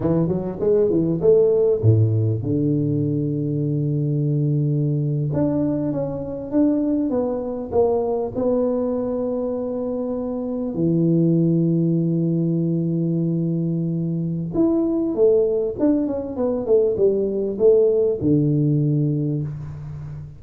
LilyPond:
\new Staff \with { instrumentName = "tuba" } { \time 4/4 \tempo 4 = 99 e8 fis8 gis8 e8 a4 a,4 | d1~ | d8. d'4 cis'4 d'4 b16~ | b8. ais4 b2~ b16~ |
b4.~ b16 e2~ e16~ | e1 | e'4 a4 d'8 cis'8 b8 a8 | g4 a4 d2 | }